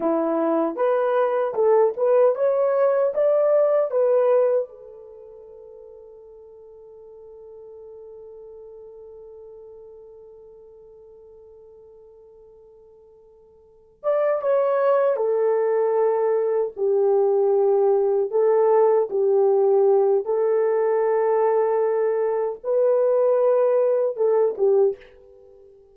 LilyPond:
\new Staff \with { instrumentName = "horn" } { \time 4/4 \tempo 4 = 77 e'4 b'4 a'8 b'8 cis''4 | d''4 b'4 a'2~ | a'1~ | a'1~ |
a'2 d''8 cis''4 a'8~ | a'4. g'2 a'8~ | a'8 g'4. a'2~ | a'4 b'2 a'8 g'8 | }